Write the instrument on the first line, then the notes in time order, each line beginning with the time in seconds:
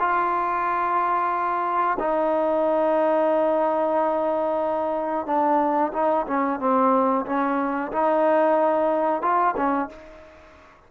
trombone
0.00 F4
2.00 D#4
5.27 D4
5.93 D#4
6.27 C#4
6.60 C4
7.26 C#4
7.92 D#4
9.22 F4
9.57 C#4